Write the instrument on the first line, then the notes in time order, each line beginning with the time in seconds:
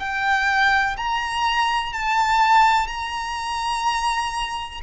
violin
0.00 G5
0.98 A#5
1.94 A5
2.88 A#5